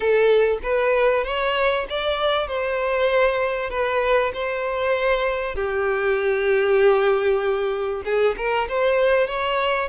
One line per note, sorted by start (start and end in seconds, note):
0.00 0.58 A4
0.62 1.24 B4
1.24 1.86 C#5
1.89 2.47 D5
2.47 3.70 C5
3.70 4.32 B4
4.33 5.55 C5
5.55 8.02 G4
8.04 8.35 G#4
8.37 8.68 A#4
8.68 9.27 C5
9.27 9.89 C#5